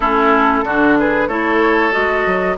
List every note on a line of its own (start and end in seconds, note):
0.00 0.63 A3
0.00 0.65 C#4
0.00 0.64 E4
0.00 0.96 A4
0.63 1.27 D3
0.63 1.29 D4
0.63 0.97 F#4
0.99 1.28 G#4
0.99 1.27 B4
1.27 1.92 A3
1.27 1.91 E4
1.27 2.57 A4
1.27 1.92 C#5
1.91 2.26 G#3
1.91 2.56 F#4
1.91 2.56 D#5
2.26 2.57 F#3